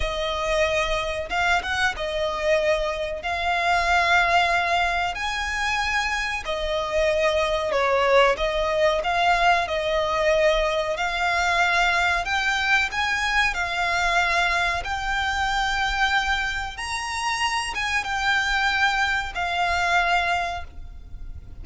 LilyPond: \new Staff \with { instrumentName = "violin" } { \time 4/4 \tempo 4 = 93 dis''2 f''8 fis''8 dis''4~ | dis''4 f''2. | gis''2 dis''2 | cis''4 dis''4 f''4 dis''4~ |
dis''4 f''2 g''4 | gis''4 f''2 g''4~ | g''2 ais''4. gis''8 | g''2 f''2 | }